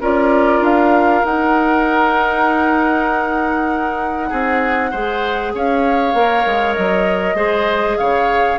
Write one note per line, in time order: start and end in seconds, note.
0.00 0.60 C#4
0.00 1.24 F4
0.00 4.29 A#4
0.00 0.64 D5
0.60 1.22 D4
0.60 1.25 F5
1.25 4.31 D#4
1.25 4.93 D#4
1.25 5.54 F#5
4.29 4.93 C4
4.29 4.90 G#4
4.91 5.55 G#3
4.91 6.15 G#4
4.91 5.53 C5
5.55 6.14 C#4
5.55 7.35 C#5
5.55 6.75 F5
6.14 6.44 A#3
6.14 7.36 A#4
6.46 6.76 G#3
6.75 7.35 F#3
6.75 7.98 D#5
7.35 7.96 G#3
7.35 8.58 G#4
7.35 7.97 C5
7.98 8.59 C#3
7.98 8.59 C#5
7.98 8.59 F5